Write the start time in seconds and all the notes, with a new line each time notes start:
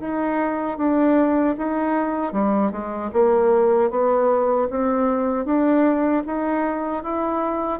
0.00 D#4
0.78 D4
1.57 D#4
2.32 G3
2.71 G#3
3.13 A#3
3.91 B3
4.70 C4
5.45 D4
6.26 D#4
7.03 E4